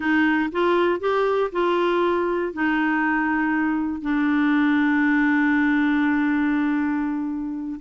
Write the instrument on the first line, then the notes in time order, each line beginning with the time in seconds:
clarinet
0.00 D#4
0.52 F4
1.00 G4
1.52 F4
2.53 D#4
4.01 D4